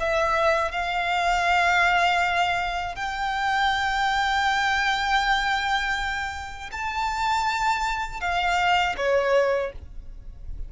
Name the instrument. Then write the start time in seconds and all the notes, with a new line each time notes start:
violin
0.00 E5
0.72 F5
2.96 G5
6.72 A5
8.21 F5
8.97 C#5